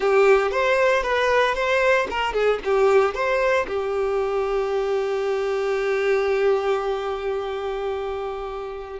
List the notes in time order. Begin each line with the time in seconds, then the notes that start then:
0.00 G4
0.51 C5
1.02 B4
1.55 C5
2.10 A#4
2.33 G#4
2.64 G4
3.14 C5
3.67 G4